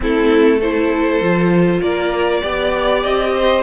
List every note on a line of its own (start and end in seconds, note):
0.00 1.20 A3
0.00 0.60 C4
0.00 0.59 E4
0.00 0.61 A4
0.59 1.22 E4
0.59 1.80 A4
0.59 1.81 C5
1.20 1.81 F3
1.20 2.42 F4
1.81 2.42 A#3
1.81 2.41 A#4
1.81 3.02 D5
2.41 3.04 B3
2.41 3.62 G4
2.41 3.32 D5
3.02 3.62 C4
3.02 3.62 D#5
3.34 3.62 C5